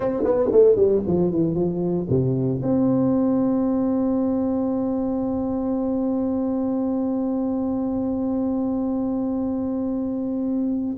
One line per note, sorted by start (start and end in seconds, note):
0.00 0.23 C4
0.23 0.50 B3
0.51 0.75 A3
0.75 1.02 G3
1.06 1.31 F3
1.31 1.55 E3
1.55 2.07 F3
2.09 2.61 C3
2.62 10.97 C4